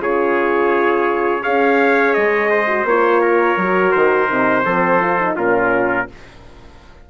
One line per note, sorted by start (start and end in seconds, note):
0.00 1.43 C#3
0.00 1.41 F4
0.00 1.42 G#4
0.00 1.43 C#5
1.41 2.17 C#4
1.41 2.66 G#4
1.41 2.50 C#5
1.41 2.14 F5
2.14 2.84 G#3
2.14 2.85 D#5
2.50 3.21 C5
2.68 2.86 F#4
2.84 3.56 A#3
2.84 3.60 F4
2.84 3.92 C#5
3.22 4.64 A#4
3.57 3.93 F#3
3.57 4.28 F#4
3.92 4.30 D#3
3.92 5.35 C5
4.28 4.65 C3
4.28 4.64 D#4
4.65 5.36 F3
4.65 5.00 C4
4.65 5.36 A4
5.00 5.18 F4
5.19 5.37 D#4
5.36 6.08 A#2
5.36 6.08 C#4
5.36 6.07 F4
5.36 6.10 A#4